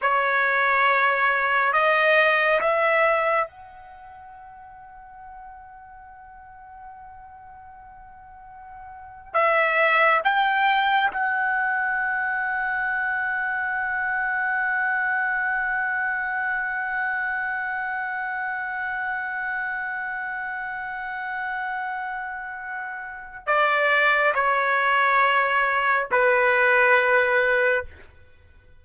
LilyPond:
\new Staff \with { instrumentName = "trumpet" } { \time 4/4 \tempo 4 = 69 cis''2 dis''4 e''4 | fis''1~ | fis''2~ fis''8. e''4 g''16~ | g''8. fis''2.~ fis''16~ |
fis''1~ | fis''1~ | fis''2. d''4 | cis''2 b'2 | }